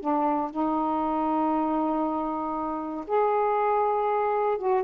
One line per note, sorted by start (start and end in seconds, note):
0.00 0.51 D4
0.51 3.05 D#4
3.07 4.58 G#4
4.58 4.83 F#4